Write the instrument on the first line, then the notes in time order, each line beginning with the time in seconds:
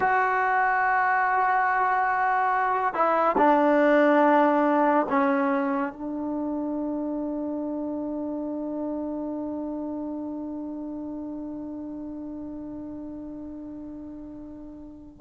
trombone
0.00 F#4
2.93 E4
3.37 D4
5.09 C#4
5.92 D4